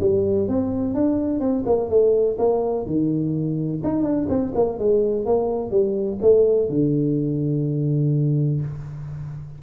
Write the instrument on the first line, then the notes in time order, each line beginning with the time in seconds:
tuba
0.00 G3
0.48 C4
0.95 D4
1.40 C4
1.66 A#3
1.90 A3
2.38 A#3
2.86 D#3
3.84 D#4
4.04 D4
4.29 C4
4.55 A#3
4.79 G#3
5.26 A#3
5.71 G3
6.22 A3
6.69 D3